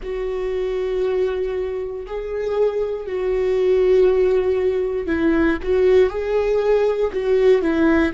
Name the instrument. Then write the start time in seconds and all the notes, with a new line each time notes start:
viola
0.02 F#4
2.06 G#4
3.06 F#4
5.07 E4
5.62 F#4
6.09 G#4
7.12 F#4
7.61 E4